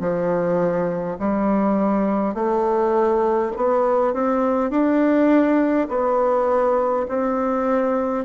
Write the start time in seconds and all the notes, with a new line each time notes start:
0.00 F3
1.19 G3
2.34 A3
3.57 B3
4.13 C4
4.71 D4
5.89 B3
7.09 C4